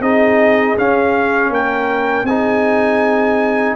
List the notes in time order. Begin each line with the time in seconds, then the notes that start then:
0.00 C4 D#4 G#4 D#5
0.77 C#4 F5
1.49 A#3 A#4 G5
2.23 C4 D#4 G#4 G#5